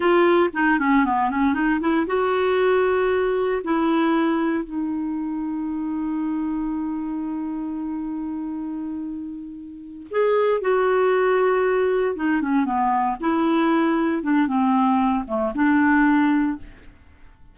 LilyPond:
\new Staff \with { instrumentName = "clarinet" } { \time 4/4 \tempo 4 = 116 f'4 dis'8 cis'8 b8 cis'8 dis'8 e'8 | fis'2. e'4~ | e'4 dis'2.~ | dis'1~ |
dis'2.~ dis'8 gis'8~ | gis'8 fis'2. dis'8 | cis'8 b4 e'2 d'8 | c'4. a8 d'2 | }